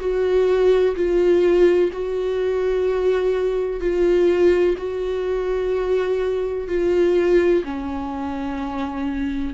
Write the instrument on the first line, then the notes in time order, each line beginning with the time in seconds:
viola
0.00 F#4
0.95 F4
1.92 F#4
3.80 F4
4.77 F#4
6.68 F4
7.64 C#4